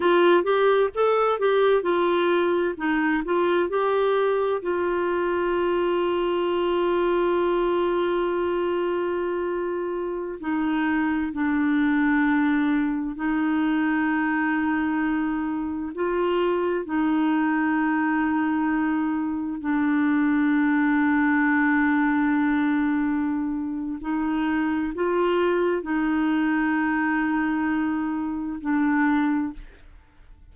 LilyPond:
\new Staff \with { instrumentName = "clarinet" } { \time 4/4 \tempo 4 = 65 f'8 g'8 a'8 g'8 f'4 dis'8 f'8 | g'4 f'2.~ | f'2.~ f'16 dis'8.~ | dis'16 d'2 dis'4.~ dis'16~ |
dis'4~ dis'16 f'4 dis'4.~ dis'16~ | dis'4~ dis'16 d'2~ d'8.~ | d'2 dis'4 f'4 | dis'2. d'4 | }